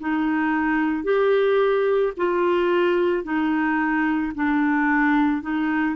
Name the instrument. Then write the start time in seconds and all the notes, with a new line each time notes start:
clarinet
0.00 D#4
1.04 G4
2.17 F4
3.23 D#4
4.35 D4
5.42 D#4